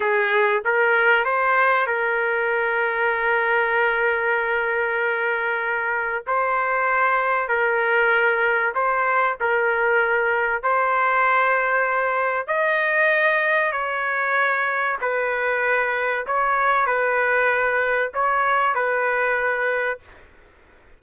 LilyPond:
\new Staff \with { instrumentName = "trumpet" } { \time 4/4 \tempo 4 = 96 gis'4 ais'4 c''4 ais'4~ | ais'1~ | ais'2 c''2 | ais'2 c''4 ais'4~ |
ais'4 c''2. | dis''2 cis''2 | b'2 cis''4 b'4~ | b'4 cis''4 b'2 | }